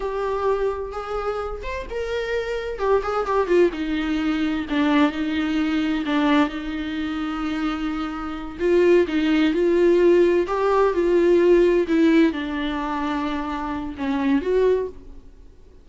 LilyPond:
\new Staff \with { instrumentName = "viola" } { \time 4/4 \tempo 4 = 129 g'2 gis'4. c''8 | ais'2 g'8 gis'8 g'8 f'8 | dis'2 d'4 dis'4~ | dis'4 d'4 dis'2~ |
dis'2~ dis'8 f'4 dis'8~ | dis'8 f'2 g'4 f'8~ | f'4. e'4 d'4.~ | d'2 cis'4 fis'4 | }